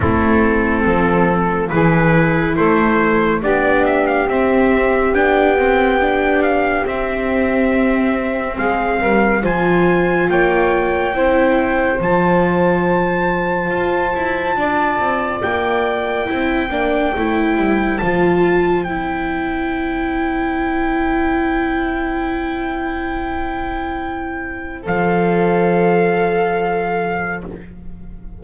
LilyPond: <<
  \new Staff \with { instrumentName = "trumpet" } { \time 4/4 \tempo 4 = 70 a'2 b'4 c''4 | d''8 e''16 f''16 e''4 g''4. f''8 | e''2 f''4 gis''4 | g''2 a''2~ |
a''2 g''2~ | g''4 a''4 g''2~ | g''1~ | g''4 f''2. | }
  \new Staff \with { instrumentName = "saxophone" } { \time 4/4 e'4 a'4 gis'4 a'4 | g'1~ | g'2 gis'8 ais'8 c''4 | cis''4 c''2.~ |
c''4 d''2 c''4~ | c''1~ | c''1~ | c''1 | }
  \new Staff \with { instrumentName = "viola" } { \time 4/4 c'2 e'2 | d'4 c'4 d'8 c'8 d'4 | c'2. f'4~ | f'4 e'4 f'2~ |
f'2. e'8 d'8 | e'4 f'4 e'2~ | e'1~ | e'4 a'2. | }
  \new Staff \with { instrumentName = "double bass" } { \time 4/4 a4 f4 e4 a4 | b4 c'4 b2 | c'2 gis8 g8 f4 | ais4 c'4 f2 |
f'8 e'8 d'8 c'8 ais4 c'8 ais8 | a8 g8 f4 c'2~ | c'1~ | c'4 f2. | }
>>